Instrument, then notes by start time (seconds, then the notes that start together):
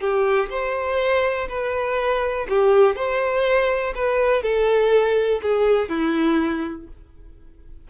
violin
0.00 G4
0.49 C5
1.48 B4
2.49 G4
2.95 C5
3.95 B4
4.42 A4
5.42 G#4
5.89 E4